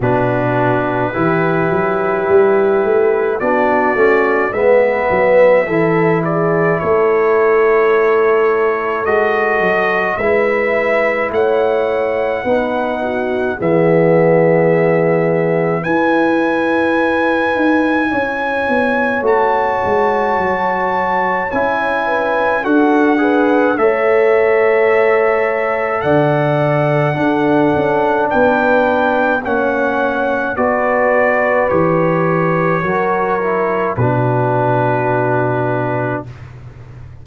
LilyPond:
<<
  \new Staff \with { instrumentName = "trumpet" } { \time 4/4 \tempo 4 = 53 b'2. d''4 | e''4. d''8 cis''2 | dis''4 e''4 fis''2 | e''2 gis''2~ |
gis''4 a''2 gis''4 | fis''4 e''2 fis''4~ | fis''4 g''4 fis''4 d''4 | cis''2 b'2 | }
  \new Staff \with { instrumentName = "horn" } { \time 4/4 fis'4 g'2 fis'4 | b'4 a'8 gis'8 a'2~ | a'4 b'4 cis''4 b'8 fis'8 | gis'2 b'2 |
cis''2.~ cis''8 b'8 | a'8 b'8 cis''2 d''4 | a'4 b'4 cis''4 b'4~ | b'4 ais'4 fis'2 | }
  \new Staff \with { instrumentName = "trombone" } { \time 4/4 d'4 e'2 d'8 cis'8 | b4 e'2. | fis'4 e'2 dis'4 | b2 e'2~ |
e'4 fis'2 e'4 | fis'8 gis'8 a'2. | d'2 cis'4 fis'4 | g'4 fis'8 e'8 d'2 | }
  \new Staff \with { instrumentName = "tuba" } { \time 4/4 b,4 e8 fis8 g8 a8 b8 a8 | gis8 fis8 e4 a2 | gis8 fis8 gis4 a4 b4 | e2 e'4. dis'8 |
cis'8 b8 a8 gis8 fis4 cis'4 | d'4 a2 d4 | d'8 cis'8 b4 ais4 b4 | e4 fis4 b,2 | }
>>